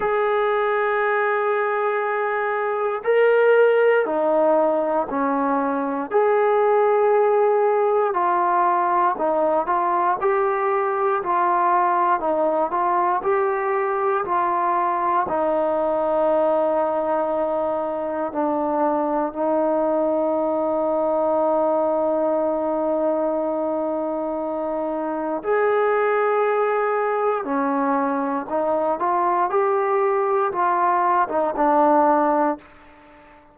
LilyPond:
\new Staff \with { instrumentName = "trombone" } { \time 4/4 \tempo 4 = 59 gis'2. ais'4 | dis'4 cis'4 gis'2 | f'4 dis'8 f'8 g'4 f'4 | dis'8 f'8 g'4 f'4 dis'4~ |
dis'2 d'4 dis'4~ | dis'1~ | dis'4 gis'2 cis'4 | dis'8 f'8 g'4 f'8. dis'16 d'4 | }